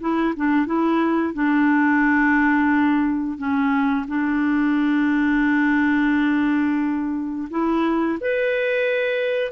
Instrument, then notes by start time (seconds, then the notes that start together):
clarinet
0.00 E4
0.36 D4
0.66 E4
1.33 D4
3.37 C#4
4.07 D4
7.50 E4
8.20 B4